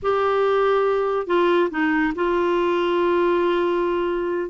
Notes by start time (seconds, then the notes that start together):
0.02 G4
1.26 F4
1.70 D#4
2.15 F4